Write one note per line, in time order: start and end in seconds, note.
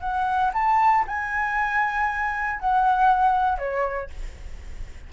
0.00 0.51 F#5
0.53 1.04 A5
1.07 2.60 G#5
2.60 3.58 F#5
3.58 4.09 C#5